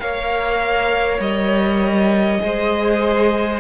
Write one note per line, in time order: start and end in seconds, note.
0.00 1.19 A#3
0.00 2.40 A#4
0.00 2.41 C#5
0.00 1.20 F5
1.19 2.39 G3
1.19 3.60 D#5
2.40 3.60 G#3
2.40 3.60 G#4
2.40 3.60 C5